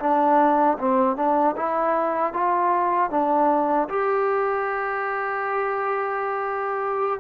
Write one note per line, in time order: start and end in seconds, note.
0.00 0.78 D4
0.79 1.17 C4
1.17 1.55 D4
1.57 2.33 E4
2.33 3.11 F4
3.11 3.89 D4
3.89 7.20 G4